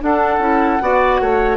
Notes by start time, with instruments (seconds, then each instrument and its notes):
0.00 clarinet D4, bassoon D4, oboe A4, flute F#5
0.38 bassoon C#4, clarinet E4
0.81 bassoon B3, clarinet F#4, oboe D5
1.21 bassoon A3, oboe C#5